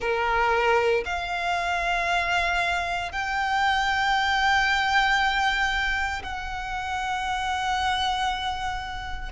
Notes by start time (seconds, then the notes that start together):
0.00 A#4
1.05 F5
3.12 G5
6.23 F#5